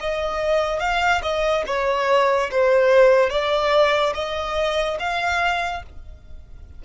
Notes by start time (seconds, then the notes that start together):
0.00 D#5
0.80 F5
1.22 D#5
1.67 C#5
2.51 C5
3.30 D5
4.14 D#5
4.99 F5